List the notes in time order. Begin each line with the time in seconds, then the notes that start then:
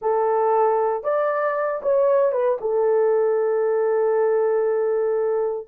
0.01 A4
1.03 D5
1.82 C#5
2.32 B4
2.61 A4